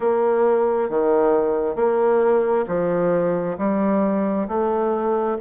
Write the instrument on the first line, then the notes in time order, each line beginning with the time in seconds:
bassoon
0.00 A#3
0.90 D#3
1.75 A#3
2.67 F3
3.58 G3
4.48 A3